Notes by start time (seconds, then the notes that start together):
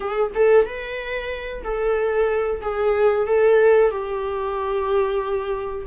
0.00 G#4
0.34 A4
0.65 B4
1.63 A4
2.61 G#4
3.26 A4
3.90 G4